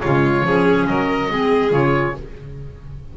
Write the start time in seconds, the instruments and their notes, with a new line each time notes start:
0.00 double bass C#3, clarinet G#3, violin F4, oboe C#5
0.42 double bass F3, clarinet C#4, violin G#4
0.86 double bass F#3, violin A#4, oboe D#5
1.29 double bass G#3, clarinet C4, violin G#4
1.70 double bass C#3, clarinet F4, oboe C#5